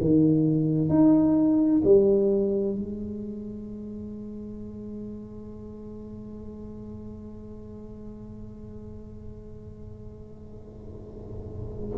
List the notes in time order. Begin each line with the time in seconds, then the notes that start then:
0.00 D#3
0.89 D#4
1.84 G3
2.75 G#3